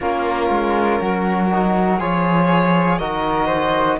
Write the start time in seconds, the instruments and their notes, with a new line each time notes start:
0.00 cello A#3, trombone C#4, flute F4, violin A#4
0.50 cello G#3
1.00 cello F#3, flute F#4
1.50 trombone D#4
1.99 cello F3, trombone F4, flute G#4, violin C#5
2.99 cello D#3, trombone F#4, flute A#4, violin D#5
3.46 flute C5